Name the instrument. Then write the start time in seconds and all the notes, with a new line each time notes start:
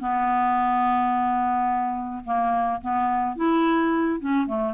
clarinet
0.00 B3
2.25 A#3
2.82 B3
3.36 E4
4.20 C#4
4.47 A3